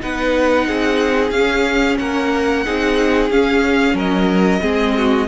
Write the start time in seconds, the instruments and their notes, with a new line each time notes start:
0.00 cello B3, viola D#4, violin B4 F#5
0.68 cello C4, violin G#4
1.30 cello C#4, viola C#4, violin F5
1.98 cello A#3, violin A#4 F#5
2.65 cello C4, viola D#4, violin G#4
3.30 cello C#4, viola C#4, violin F5
3.94 cello F#3, violin A#4 D#5
4.61 cello G#3, viola C4, violin G#4
4.98 violin F#4